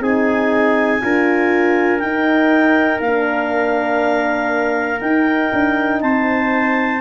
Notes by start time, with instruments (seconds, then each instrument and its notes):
0.00 tuba C4, horn D#4, trumpet G#4, clarinet G#5
1.01 tuba D4, horn F4, trumpet A#4
2.00 tuba D#4, horn D#4, clarinet G5
3.00 tuba A#3, horn D4, clarinet F5
5.01 tuba D#4, horn D#4, clarinet G5
5.53 tuba D4
6.01 tuba C4, trumpet C5, clarinet A5